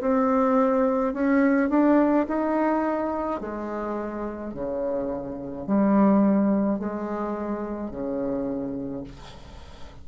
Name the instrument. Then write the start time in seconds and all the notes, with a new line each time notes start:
bassoon
0.00 C4
1.13 C#4
1.69 D4
2.27 D#4
3.40 G#3
4.53 C#3
5.66 G3
6.79 G#3
7.90 C#3